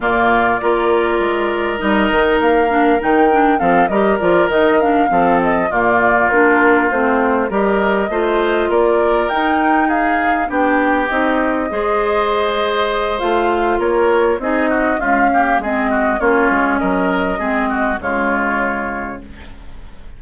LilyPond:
<<
  \new Staff \with { instrumentName = "flute" } { \time 4/4 \tempo 4 = 100 d''2. dis''4 | f''4 g''4 f''8 dis''8 d''8 dis''8 | f''4 dis''8 d''4 ais'4 c''8~ | c''8 dis''2 d''4 g''8~ |
g''8 f''4 g''4 dis''4.~ | dis''2 f''4 cis''4 | dis''4 f''4 dis''4 cis''4 | dis''2 cis''2 | }
  \new Staff \with { instrumentName = "oboe" } { \time 4/4 f'4 ais'2.~ | ais'2 a'8 ais'4.~ | ais'8 a'4 f'2~ f'8~ | f'8 ais'4 c''4 ais'4.~ |
ais'8 gis'4 g'2 c''8~ | c''2. ais'4 | gis'8 fis'8 f'8 g'8 gis'8 fis'8 f'4 | ais'4 gis'8 fis'8 f'2 | }
  \new Staff \with { instrumentName = "clarinet" } { \time 4/4 ais4 f'2 dis'4~ | dis'8 d'8 dis'8 d'8 c'8 g'8 f'8 dis'8 | d'8 c'4 ais4 d'4 c'8~ | c'8 g'4 f'2 dis'8~ |
dis'4. d'4 dis'4 gis'8~ | gis'2 f'2 | dis'4 gis8 ais8 c'4 cis'4~ | cis'4 c'4 gis2 | }
  \new Staff \with { instrumentName = "bassoon" } { \time 4/4 ais,4 ais4 gis4 g8 dis8 | ais4 dis4 f8 g8 f8 dis8~ | dis8 f4 ais,4 ais4 a8~ | a8 g4 a4 ais4 dis'8~ |
dis'4. b4 c'4 gis8~ | gis2 a4 ais4 | c'4 cis'4 gis4 ais8 gis8 | fis4 gis4 cis2 | }
>>